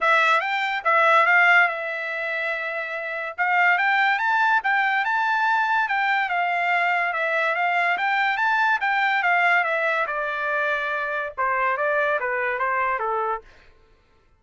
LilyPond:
\new Staff \with { instrumentName = "trumpet" } { \time 4/4 \tempo 4 = 143 e''4 g''4 e''4 f''4 | e''1 | f''4 g''4 a''4 g''4 | a''2 g''4 f''4~ |
f''4 e''4 f''4 g''4 | a''4 g''4 f''4 e''4 | d''2. c''4 | d''4 b'4 c''4 a'4 | }